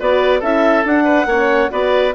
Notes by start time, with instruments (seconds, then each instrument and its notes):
0.00 bassoon B3, horn F#4, oboe B4, clarinet D5
0.40 bassoon C#4, horn E4, oboe A4, clarinet E5
0.85 bassoon D4, horn D4, clarinet F#5
1.05 oboe B4
1.26 bassoon A#3, horn C#4, oboe C#5
1.71 bassoon B3, horn F#4, oboe B4, clarinet D5